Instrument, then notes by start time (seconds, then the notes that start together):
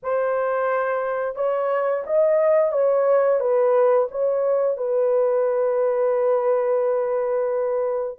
horn
0.02 C5
1.35 C#5
2.06 D#5
2.71 C#5
3.39 B4
4.11 C#5
4.77 B4